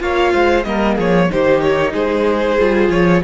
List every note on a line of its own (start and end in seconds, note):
0.00 0.33 A#3
0.00 0.65 F4
0.00 0.34 C#5
0.00 0.64 F5
0.34 0.65 G#3
0.34 0.66 C5
0.64 0.98 G3
0.64 1.31 A#3
0.64 0.96 A#4
0.64 0.96 D#5
0.96 1.31 F3
0.96 1.28 G#4
0.96 1.32 C#5
1.31 1.94 D#3
1.31 2.60 D#4
1.31 1.93 G4
1.31 1.61 C5
1.61 1.93 C#5
1.93 2.58 G#3
1.93 3.22 G#4
1.93 2.90 C5
2.60 2.90 G3
2.60 3.24 F4
2.90 3.22 F3
2.90 3.23 C#5